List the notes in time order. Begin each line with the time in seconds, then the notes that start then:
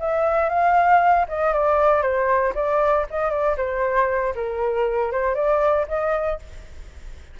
0.00 E5
0.49 F5
1.29 D#5
1.54 D5
2.03 C5
2.55 D5
3.11 D#5
3.31 D5
3.58 C5
4.36 A#4
5.12 C5
5.35 D5
5.88 D#5